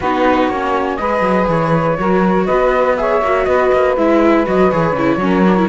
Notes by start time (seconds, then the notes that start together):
0.00 B3 D#4 F#4 B4
0.47 A#3 C#4 C#5
0.97 G#3 G#4 B4 D#5
1.21 F#3
1.47 E3 C#5
1.98 F#3 F#4 A#4
2.45 B3 B4 D#5
2.96 G#4 C#5 E5
3.21 A#3 F#4
3.44 B3 B4 D#5
3.71 A#3
3.96 G#3 E4 E5
4.46 F#3 F#4 D#5
4.70 E3 G#4 C#5
4.92 C#3 E4
5.16 F#3 C#4
5.24 A#4
5.46 D4
5.56 E4